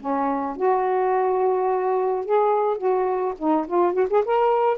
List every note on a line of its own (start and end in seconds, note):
0.00 0.56 C#4
0.56 2.25 F#4
2.25 2.77 G#4
2.77 3.34 F#4
3.38 3.66 D#4
3.67 3.93 F4
3.93 4.07 F#4
4.10 4.24 G#4
4.25 4.78 A#4